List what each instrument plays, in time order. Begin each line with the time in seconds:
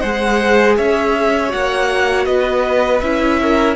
0.00 cello G#3, viola G#4, violin C5 F#5
0.77 cello C#4, violin C#5 E5
1.48 cello A#3, viola F#4, violin F#5
2.26 cello B3, violin B4 D#5
3.00 cello C#4, viola E4, violin E5
3.42 violin A#4